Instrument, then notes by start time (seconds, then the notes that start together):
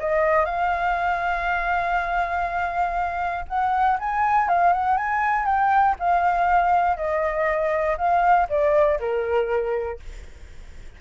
flute
0.00 D#5
0.45 F5
3.49 F#5
4.00 G#5
4.49 F5
4.73 F#5
4.97 G#5
5.46 G5
6.00 F5
6.97 D#5
7.98 F5
8.50 D5
9.00 A#4